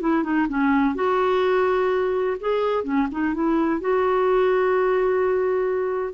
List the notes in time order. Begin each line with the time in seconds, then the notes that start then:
0.00 E4
0.23 D#4
0.48 C#4
0.95 F#4
2.40 G#4
2.83 C#4
3.11 D#4
3.34 E4
3.80 F#4